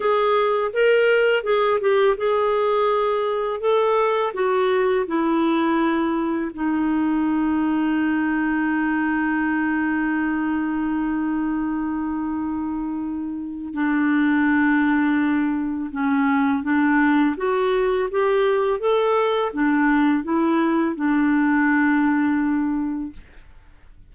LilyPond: \new Staff \with { instrumentName = "clarinet" } { \time 4/4 \tempo 4 = 83 gis'4 ais'4 gis'8 g'8 gis'4~ | gis'4 a'4 fis'4 e'4~ | e'4 dis'2.~ | dis'1~ |
dis'2. d'4~ | d'2 cis'4 d'4 | fis'4 g'4 a'4 d'4 | e'4 d'2. | }